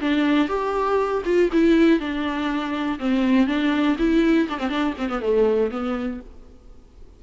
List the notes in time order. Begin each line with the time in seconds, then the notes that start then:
0.00 D4
0.48 G4
1.25 F4
1.52 E4
1.99 D4
2.99 C4
3.47 D4
3.98 E4
4.49 D4
4.59 C4
4.69 D4
4.98 C4
5.09 B3
5.21 A3
5.70 B3